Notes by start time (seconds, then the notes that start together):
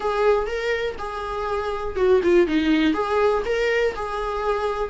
0.00 G#4
0.46 A#4
0.98 G#4
1.96 F#4
2.23 F4
2.47 D#4
2.93 G#4
3.45 A#4
3.95 G#4